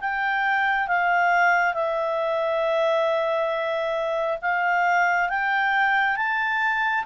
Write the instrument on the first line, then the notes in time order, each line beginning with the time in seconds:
clarinet
0.00 G5
0.87 F5
1.74 E5
4.41 F5
5.29 G5
6.16 A5